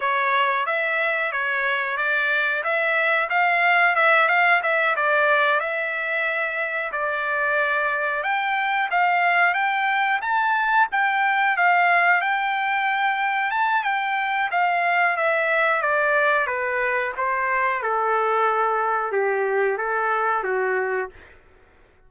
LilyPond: \new Staff \with { instrumentName = "trumpet" } { \time 4/4 \tempo 4 = 91 cis''4 e''4 cis''4 d''4 | e''4 f''4 e''8 f''8 e''8 d''8~ | d''8 e''2 d''4.~ | d''8 g''4 f''4 g''4 a''8~ |
a''8 g''4 f''4 g''4.~ | g''8 a''8 g''4 f''4 e''4 | d''4 b'4 c''4 a'4~ | a'4 g'4 a'4 fis'4 | }